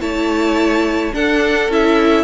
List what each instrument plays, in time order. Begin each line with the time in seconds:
0.00 cello A3, viola E4, violin C#5 A5
1.13 viola D4, cello D4, violin A4 F#5
1.69 cello C#4, viola E4, violin E5